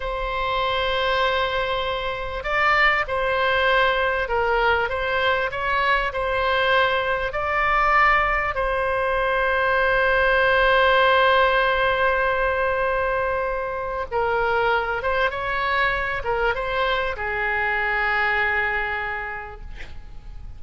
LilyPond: \new Staff \with { instrumentName = "oboe" } { \time 4/4 \tempo 4 = 98 c''1 | d''4 c''2 ais'4 | c''4 cis''4 c''2 | d''2 c''2~ |
c''1~ | c''2. ais'4~ | ais'8 c''8 cis''4. ais'8 c''4 | gis'1 | }